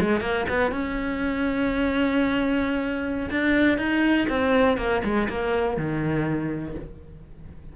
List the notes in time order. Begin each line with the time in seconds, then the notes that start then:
0.00 G#3
0.21 A#3
0.49 B3
0.71 C#4
3.31 D4
3.78 D#4
4.29 C4
4.77 A#3
5.04 G#3
5.29 A#3
5.77 D#3